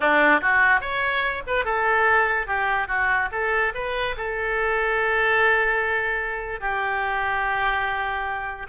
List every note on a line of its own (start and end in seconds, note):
0.00 0.40 D4
0.41 0.81 F#4
0.81 1.43 C#5
1.46 1.64 B4
1.64 2.46 A4
2.46 2.87 G4
2.87 3.29 F#4
3.31 3.73 A4
3.74 4.15 B4
4.16 6.60 A4
6.60 8.67 G4